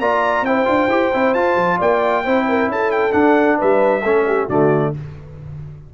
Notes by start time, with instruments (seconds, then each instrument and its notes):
0.00 tuba A#3, trombone F4, horn D5, trumpet A#5
0.42 tuba C4, trombone E4, horn C5, trumpet G5
0.65 tuba D4, trombone F4
0.88 tuba E4, trombone G4
1.14 tuba C4, trombone E4
1.34 tuba F4, trombone F4, trumpet A5
1.56 tuba F3
1.79 tuba A#3, horn D5, trumpet G5
2.24 tuba C4, trombone E4, horn C5
2.49 horn A#4
2.67 tuba C#4, horn A4, trumpet A5
2.92 trumpet G5
3.11 trombone D4, tuba D4, trumpet F#5
3.58 tuba G3, horn B4, trumpet E5
4.03 tuba A3, trombone C#4, horn A4
4.27 horn G4
4.47 tuba D3, trombone A3, horn F#4, trumpet D5